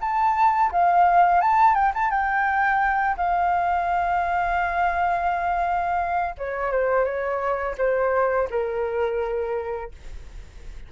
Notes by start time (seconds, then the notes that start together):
0.00 A5
0.72 F5
1.41 A5
1.74 G5
1.94 A5
2.10 G5
3.17 F5
6.38 C#5
6.72 C5
7.04 C#5
7.77 C5
8.50 A#4